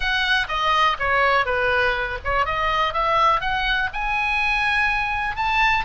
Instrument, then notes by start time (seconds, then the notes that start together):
oboe
0.00 F#5
0.48 D#5
0.99 C#5
1.45 B4
2.24 C#5
2.45 D#5
2.93 E5
3.41 F#5
3.93 G#5
5.36 A5